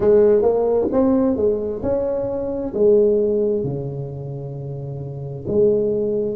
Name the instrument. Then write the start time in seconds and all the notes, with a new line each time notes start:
tuba
0.00 G#3
0.41 A#3
0.91 C4
1.36 G#3
1.82 C#4
2.74 G#3
3.63 C#3
5.47 G#3